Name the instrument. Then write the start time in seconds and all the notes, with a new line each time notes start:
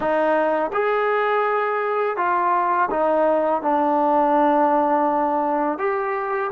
trombone
0.00 D#4
0.72 G#4
2.17 F4
2.90 D#4
3.62 D4
5.78 G4